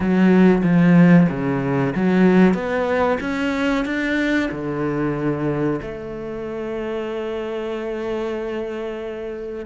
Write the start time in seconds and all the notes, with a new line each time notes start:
0.00 F#3
0.63 F3
1.29 C#3
1.95 F#3
2.54 B3
3.20 C#4
3.85 D4
4.51 D3
5.82 A3